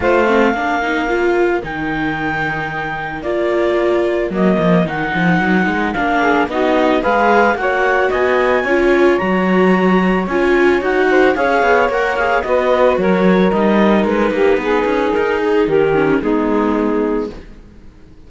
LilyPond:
<<
  \new Staff \with { instrumentName = "clarinet" } { \time 4/4 \tempo 4 = 111 f''2. g''4~ | g''2 d''2 | dis''4 fis''2 f''4 | dis''4 f''4 fis''4 gis''4~ |
gis''4 ais''2 gis''4 | fis''4 f''4 fis''8 f''8 dis''4 | cis''4 dis''4 b'2 | ais'8 gis'8 ais'4 gis'2 | }
  \new Staff \with { instrumentName = "saxophone" } { \time 4/4 c''4 ais'2.~ | ais'1~ | ais'2.~ ais'8 gis'8 | fis'4 b'4 cis''4 dis''4 |
cis''1~ | cis''8 c''8 cis''2 b'4 | ais'2~ ais'8 g'8 gis'4~ | gis'4 g'4 dis'2 | }
  \new Staff \with { instrumentName = "viola" } { \time 4/4 f'8 c'8 d'8 dis'8 f'4 dis'4~ | dis'2 f'2 | ais4 dis'2 d'4 | dis'4 gis'4 fis'2 |
f'4 fis'2 f'4 | fis'4 gis'4 ais'8 gis'8 fis'4~ | fis'4 dis'2.~ | dis'4. cis'8 b2 | }
  \new Staff \with { instrumentName = "cello" } { \time 4/4 a4 ais2 dis4~ | dis2 ais2 | fis8 f8 dis8 f8 fis8 gis8 ais4 | b4 gis4 ais4 b4 |
cis'4 fis2 cis'4 | dis'4 cis'8 b8 ais4 b4 | fis4 g4 gis8 ais8 b8 cis'8 | dis'4 dis4 gis2 | }
>>